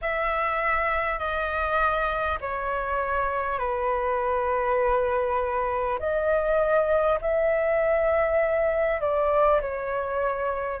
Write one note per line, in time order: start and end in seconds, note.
0.01 1.18 E5
1.18 2.38 D#5
2.40 3.58 C#5
3.58 5.98 B4
5.99 7.19 D#5
7.21 9.01 E5
9.01 9.61 D5
9.61 10.80 C#5